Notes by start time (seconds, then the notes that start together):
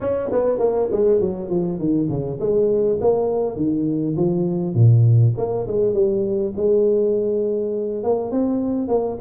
0.00 C#4
0.31 B3
0.59 A#3
0.91 G#3
1.20 F#3
1.49 F3
1.78 D#3
2.09 C#3
2.40 G#3
3.00 A#3
3.56 D#3
4.16 F3
4.74 A#2
5.37 A#3
5.67 G#3
5.93 G3
6.56 G#3
8.03 A#3
8.31 C4
8.88 A#3